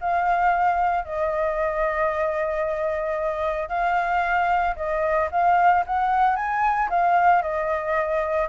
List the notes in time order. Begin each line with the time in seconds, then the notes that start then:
0.00 F5
1.05 D#5
3.68 F5
4.75 D#5
5.31 F5
5.86 F#5
6.35 G#5
6.89 F5
7.42 D#5